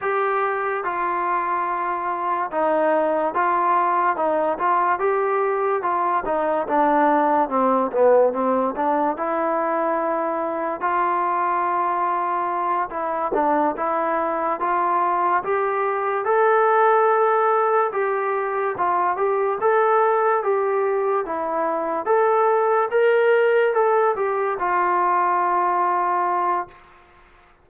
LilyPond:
\new Staff \with { instrumentName = "trombone" } { \time 4/4 \tempo 4 = 72 g'4 f'2 dis'4 | f'4 dis'8 f'8 g'4 f'8 dis'8 | d'4 c'8 b8 c'8 d'8 e'4~ | e'4 f'2~ f'8 e'8 |
d'8 e'4 f'4 g'4 a'8~ | a'4. g'4 f'8 g'8 a'8~ | a'8 g'4 e'4 a'4 ais'8~ | ais'8 a'8 g'8 f'2~ f'8 | }